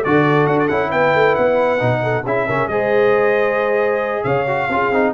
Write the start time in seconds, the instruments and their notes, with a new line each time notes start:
0.00 tuba D3, trombone F#4, horn A4, trumpet D5
0.47 tuba D4, trumpet F#5
0.59 trumpet D5
0.68 tuba C#4, trombone E4, trumpet F#5
0.89 tuba B3, horn B4, trumpet G5
1.14 tuba A3
1.35 tuba B3, trumpet F#5
1.78 tuba B2, trombone D#4
2.02 horn A4
2.24 tuba C#4, trombone E4, horn G#4, trumpet E5
2.48 tuba C#3, trombone C#4, horn A#4
2.67 tuba G#3, trombone G#4, horn C5, trumpet D#5
4.23 tuba C#3, horn C#5, trumpet F5
4.47 trombone F#4
4.68 tuba C#4, trombone F4, horn G#4
4.90 tuba C4, trombone D#4